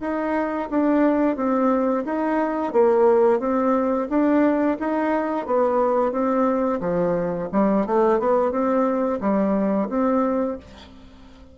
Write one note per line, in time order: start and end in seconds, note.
0.00 0.68 D#4
0.70 1.36 D4
1.36 2.04 C4
2.05 2.72 D#4
2.72 3.39 A#3
3.39 4.07 C4
4.09 4.77 D4
4.79 5.46 D#4
5.46 6.11 B3
6.11 6.80 C4
6.80 7.48 F3
7.52 7.86 G3
7.86 8.19 A3
8.19 8.51 B3
8.51 9.19 C4
9.20 9.88 G3
9.89 10.57 C4